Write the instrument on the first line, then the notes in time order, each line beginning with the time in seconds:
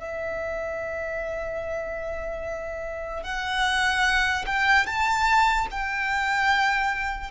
violin
0.00 E5
3.23 F#5
4.46 G5
4.86 A5
5.71 G5